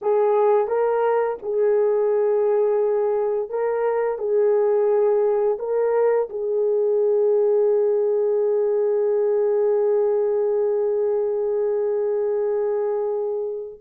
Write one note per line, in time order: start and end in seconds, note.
0.01 0.67 G#4
0.67 1.37 A#4
1.42 3.49 G#4
3.49 4.18 A#4
4.18 5.58 G#4
5.58 6.28 A#4
6.29 13.79 G#4